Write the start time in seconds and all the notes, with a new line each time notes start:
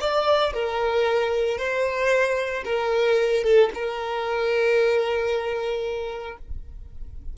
0.00 D5
0.53 A#4
1.58 C5
2.64 A#4
3.43 A4
3.74 A#4